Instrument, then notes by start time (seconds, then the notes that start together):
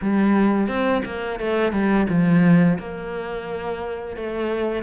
cello
0.01 G3
0.67 C4
1.05 A#3
1.39 A3
1.72 G3
2.09 F3
2.78 A#3
4.16 A3